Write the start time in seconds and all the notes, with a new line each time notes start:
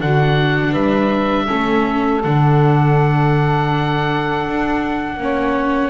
0.00 D3 D4 F#4 F#5
0.71 G3 B4 E5
1.44 C#4 A4
1.50 A3
2.23 D3 D4 F#5
4.46 D4
5.17 A#3 C#4 C#5